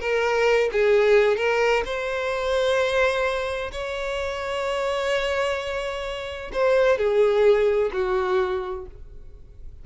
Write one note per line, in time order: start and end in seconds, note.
0.00 0.70 A#4
0.72 1.36 G#4
1.36 1.83 A#4
1.85 3.71 C5
3.72 6.51 C#5
6.52 6.98 C5
6.98 7.91 G#4
7.93 8.86 F#4